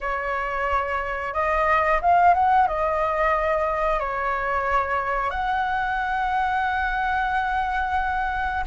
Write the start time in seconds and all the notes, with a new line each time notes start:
0.01 C#5
1.33 D#5
2.02 F5
2.34 F#5
2.67 D#5
3.99 C#5
5.30 F#5